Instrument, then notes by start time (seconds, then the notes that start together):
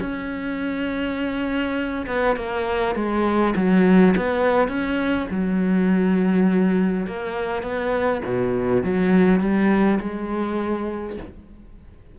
cello
0.00 C#4
2.07 B3
2.36 A#3
2.95 G#3
3.56 F#3
4.17 B3
4.68 C#4
5.30 F#3
7.06 A#3
7.63 B3
8.25 B2
8.83 F#3
9.40 G3
9.99 G#3